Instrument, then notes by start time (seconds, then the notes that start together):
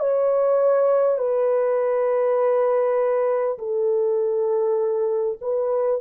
horn
0.00 C#5
1.18 B4
3.58 A4
5.41 B4